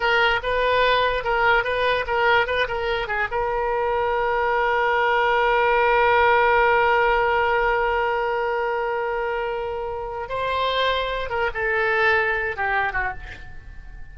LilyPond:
\new Staff \with { instrumentName = "oboe" } { \time 4/4 \tempo 4 = 146 ais'4 b'2 ais'4 | b'4 ais'4 b'8 ais'4 gis'8 | ais'1~ | ais'1~ |
ais'1~ | ais'1~ | ais'4 c''2~ c''8 ais'8 | a'2~ a'8 g'4 fis'8 | }